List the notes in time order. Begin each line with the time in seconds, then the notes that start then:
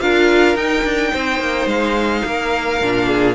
0.00 D4 F4 A#4 F5
0.55 D#4 G5
0.84 D4
1.12 C4 C5
1.40 A#3
1.66 G#3 F5
2.25 A#3 A#4
2.81 A#2 D4
3.08 G#4